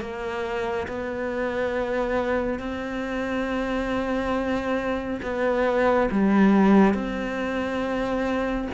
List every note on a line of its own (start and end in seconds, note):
0.00 0.87 A#3
0.87 2.59 B3
2.59 5.20 C4
5.22 6.09 B3
6.11 6.94 G3
6.94 8.68 C4